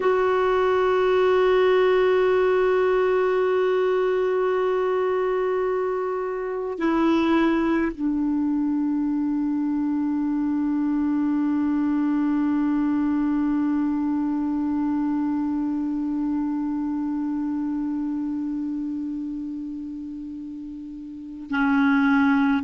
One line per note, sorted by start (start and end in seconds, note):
0.00 6.78 F#4
6.78 7.91 E4
7.95 21.50 D4
21.50 22.63 C#4